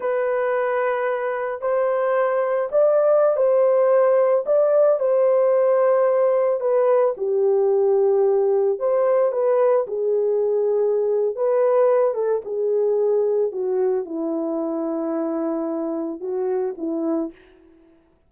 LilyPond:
\new Staff \with { instrumentName = "horn" } { \time 4/4 \tempo 4 = 111 b'2. c''4~ | c''4 d''4~ d''16 c''4.~ c''16~ | c''16 d''4 c''2~ c''8.~ | c''16 b'4 g'2~ g'8.~ |
g'16 c''4 b'4 gis'4.~ gis'16~ | gis'4 b'4. a'8 gis'4~ | gis'4 fis'4 e'2~ | e'2 fis'4 e'4 | }